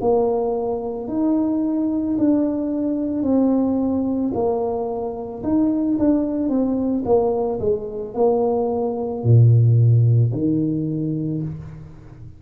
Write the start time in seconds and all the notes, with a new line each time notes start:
0.00 A#3
1.08 D#4
2.17 D4
3.22 C4
4.33 A#3
5.42 D#4
5.99 D4
6.49 C4
7.05 A#3
7.60 G#3
8.14 A#3
9.23 A#2
10.32 D#3